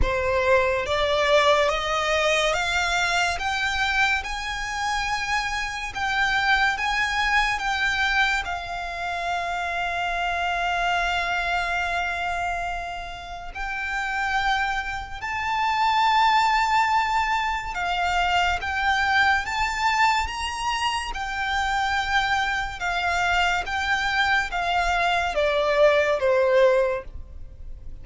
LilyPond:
\new Staff \with { instrumentName = "violin" } { \time 4/4 \tempo 4 = 71 c''4 d''4 dis''4 f''4 | g''4 gis''2 g''4 | gis''4 g''4 f''2~ | f''1 |
g''2 a''2~ | a''4 f''4 g''4 a''4 | ais''4 g''2 f''4 | g''4 f''4 d''4 c''4 | }